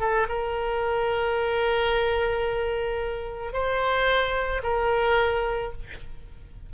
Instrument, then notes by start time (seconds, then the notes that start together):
oboe
0.00 A4
0.29 A#4
3.53 C5
4.63 A#4